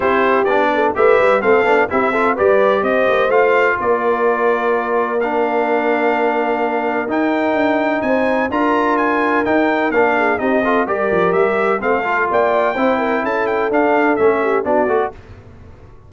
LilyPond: <<
  \new Staff \with { instrumentName = "trumpet" } { \time 4/4 \tempo 4 = 127 c''4 d''4 e''4 f''4 | e''4 d''4 dis''4 f''4 | d''2. f''4~ | f''2. g''4~ |
g''4 gis''4 ais''4 gis''4 | g''4 f''4 dis''4 d''4 | e''4 f''4 g''2 | a''8 g''8 f''4 e''4 d''4 | }
  \new Staff \with { instrumentName = "horn" } { \time 4/4 g'4. a'8 b'4 a'4 | g'8 a'8 b'4 c''2 | ais'1~ | ais'1~ |
ais'4 c''4 ais'2~ | ais'4. gis'8 g'8 a'8 ais'4~ | ais'4 a'4 d''4 c''8 ais'8 | a'2~ a'8 g'8 fis'4 | }
  \new Staff \with { instrumentName = "trombone" } { \time 4/4 e'4 d'4 g'4 c'8 d'8 | e'8 f'8 g'2 f'4~ | f'2. d'4~ | d'2. dis'4~ |
dis'2 f'2 | dis'4 d'4 dis'8 f'8 g'4~ | g'4 c'8 f'4. e'4~ | e'4 d'4 cis'4 d'8 fis'8 | }
  \new Staff \with { instrumentName = "tuba" } { \time 4/4 c'4 b4 a8 g8 a8 b8 | c'4 g4 c'8 ais8 a4 | ais1~ | ais2. dis'4 |
d'4 c'4 d'2 | dis'4 ais4 c'4 g8 f8 | g4 a4 ais4 c'4 | cis'4 d'4 a4 b8 a8 | }
>>